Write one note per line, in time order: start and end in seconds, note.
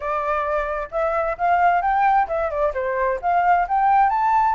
0.00 0.88 D5
0.91 1.36 E5
1.37 1.81 F5
1.81 2.27 G5
2.27 2.50 E5
2.50 2.73 D5
2.74 3.19 C5
3.21 3.67 F5
3.68 4.09 G5
4.09 4.54 A5